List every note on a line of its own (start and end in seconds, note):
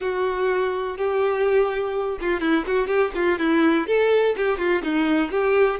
0.00 0.97 F#4
0.97 2.18 G4
2.20 2.40 F4
2.40 2.64 E4
2.66 2.87 F#4
2.87 3.11 G4
3.14 3.38 F4
3.38 3.87 E4
3.87 4.35 A4
4.36 4.57 G4
4.57 4.82 F4
4.83 5.31 D#4
5.31 5.79 G4